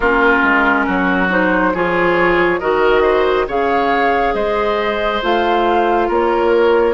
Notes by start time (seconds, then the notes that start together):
0.00 A#3 C#4 F4 A#4
0.43 G#3
0.86 F#3 F#4
1.29 D#4 C5
1.73 F3 F4 G#4 C#5
2.59 D#3 F#4 A#4 D#5
3.02 C5
3.47 C#3 G#4 C#5 F5
4.34 G#3 C5 D#5
5.22 A3 F4 F5
6.07 A#3 A#4 C#5